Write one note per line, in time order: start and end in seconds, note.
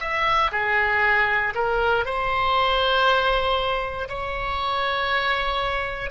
0.00 0.51 E5
0.52 1.53 G#4
1.55 2.05 A#4
2.05 4.09 C5
4.09 6.11 C#5